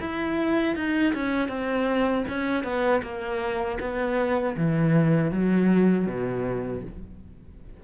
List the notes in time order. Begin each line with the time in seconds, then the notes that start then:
0.00 E4
0.75 D#4
1.14 C#4
1.48 C4
2.28 C#4
2.63 B3
3.02 A#3
3.80 B3
4.57 E3
5.31 F#3
6.06 B2